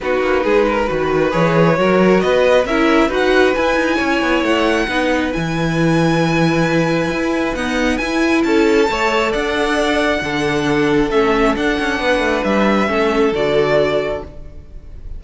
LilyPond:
<<
  \new Staff \with { instrumentName = "violin" } { \time 4/4 \tempo 4 = 135 b'2. cis''4~ | cis''4 dis''4 e''4 fis''4 | gis''2 fis''2 | gis''1~ |
gis''4 fis''4 gis''4 a''4~ | a''4 fis''2.~ | fis''4 e''4 fis''2 | e''2 d''2 | }
  \new Staff \with { instrumentName = "violin" } { \time 4/4 fis'4 gis'8 ais'8 b'2 | ais'4 b'4 ais'4 b'4~ | b'4 cis''2 b'4~ | b'1~ |
b'2. a'4 | cis''4 d''2 a'4~ | a'2. b'4~ | b'4 a'2. | }
  \new Staff \with { instrumentName = "viola" } { \time 4/4 dis'2 fis'4 gis'4 | fis'2 e'4 fis'4 | e'2. dis'4 | e'1~ |
e'4 b4 e'2 | a'2. d'4~ | d'4 cis'4 d'2~ | d'4 cis'4 fis'2 | }
  \new Staff \with { instrumentName = "cello" } { \time 4/4 b8 ais8 gis4 dis4 e4 | fis4 b4 cis'4 dis'4 | e'8 dis'8 cis'8 b8 a4 b4 | e1 |
e'4 dis'4 e'4 cis'4 | a4 d'2 d4~ | d4 a4 d'8 cis'8 b8 a8 | g4 a4 d2 | }
>>